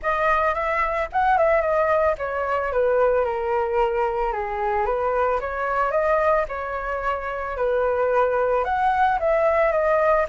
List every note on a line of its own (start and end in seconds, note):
0.02 0.54 D#5
0.54 1.08 E5
1.12 1.37 F#5
1.37 1.61 E5
1.61 2.15 D#5
2.18 2.72 C#5
2.72 3.24 B4
3.24 4.32 A#4
4.32 4.85 G#4
4.85 5.39 B4
5.40 5.91 C#5
5.91 6.45 D#5
6.48 7.56 C#5
7.57 8.64 B4
8.64 9.18 F#5
9.19 9.72 E5
9.72 10.26 D#5